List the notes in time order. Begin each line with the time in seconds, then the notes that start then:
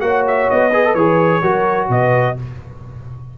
0.00 A#3 F#4 C#5 F#5
0.27 E5
0.50 B3 D#5
0.71 G#4 B4
0.84 A4
0.94 E3 G#4 C#5
1.41 F#3 F#4 A#4
1.89 B2 B4 D#5